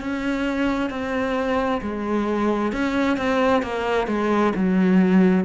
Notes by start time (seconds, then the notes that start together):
0.00 C#4
0.90 C4
1.81 G#3
2.72 C#4
3.17 C4
3.62 A#3
4.07 G#3
4.55 F#3